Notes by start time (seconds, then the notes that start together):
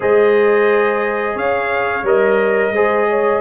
0.00 G#3 G#4 C5 D#5
1.35 C#4 C#5 F5
2.02 G3 A#4 D#5
2.71 G#3 G#4 C5
3.09 C#5